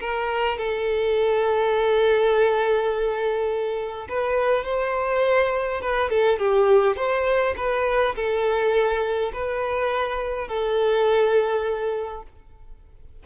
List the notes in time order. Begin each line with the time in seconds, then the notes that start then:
0.00 A#4
0.58 A4
4.09 B4
4.65 C5
5.81 B4
6.10 A4
6.39 G4
6.96 C5
7.57 B4
8.16 A4
9.33 B4
10.48 A4